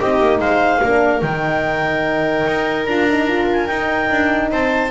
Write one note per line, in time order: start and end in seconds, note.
0.00 0.20 C4
0.00 0.82 D#4
0.00 0.41 G4
0.00 0.40 D#5
0.20 0.39 A#3
0.39 0.80 G#3
0.39 0.82 C5
0.39 1.22 F5
0.83 1.22 A#3
0.83 1.24 D4
0.83 4.52 A#4
1.22 2.46 D#3
1.22 2.89 D#4
1.22 2.85 G5
2.47 2.87 D#4
2.85 3.69 D4
2.85 3.09 F4
2.85 3.46 A#5
3.10 3.28 D#4
3.28 3.68 F4
3.53 3.67 G#5
3.67 4.91 D#4
3.67 4.10 D#4
3.67 4.49 G5
4.11 4.51 D4
4.51 4.91 C4
4.51 4.91 C5
4.51 4.91 A5